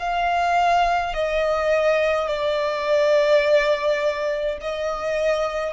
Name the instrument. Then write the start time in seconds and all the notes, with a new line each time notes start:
violin
0.00 F5
1.14 D#5
2.28 D5
4.62 D#5